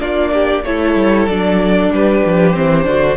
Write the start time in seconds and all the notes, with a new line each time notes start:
0.00 A#3 D4 F4 D5
0.34 G4
0.64 A3 E4 A4 C#5
0.95 G3
1.27 F#3 D4 D5
1.91 G3 G4 B4
2.26 F3
2.54 E3 C4 C5
2.85 D3 D4 F#4